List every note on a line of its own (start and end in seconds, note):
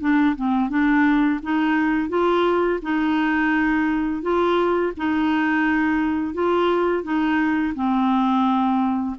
0.00 0.35 D4
0.36 0.69 C4
0.69 1.40 D4
1.42 2.09 D#4
2.09 2.79 F4
2.82 4.22 D#4
4.22 4.93 F4
4.97 6.34 D#4
6.34 7.03 F4
7.03 7.74 D#4
7.75 9.16 C4